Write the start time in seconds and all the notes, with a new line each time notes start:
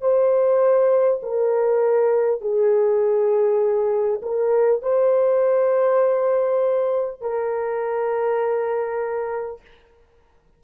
0.00 C5
1.22 A#4
2.41 G#4
4.22 A#4
4.82 C5
7.21 A#4